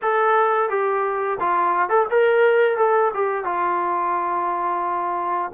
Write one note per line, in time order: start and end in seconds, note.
0.02 0.69 A4
0.69 1.38 G4
1.40 1.89 F4
1.89 2.06 A4
2.10 2.77 A#4
2.77 3.11 A4
3.13 3.44 G4
3.44 5.51 F4